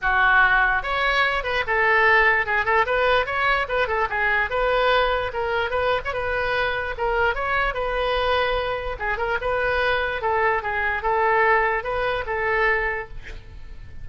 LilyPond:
\new Staff \with { instrumentName = "oboe" } { \time 4/4 \tempo 4 = 147 fis'2 cis''4. b'8 | a'2 gis'8 a'8 b'4 | cis''4 b'8 a'8 gis'4 b'4~ | b'4 ais'4 b'8. cis''16 b'4~ |
b'4 ais'4 cis''4 b'4~ | b'2 gis'8 ais'8 b'4~ | b'4 a'4 gis'4 a'4~ | a'4 b'4 a'2 | }